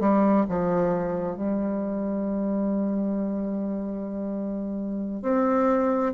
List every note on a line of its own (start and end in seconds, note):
0.00 0.45 G3
0.49 1.36 F3
1.36 5.22 G3
5.22 6.13 C4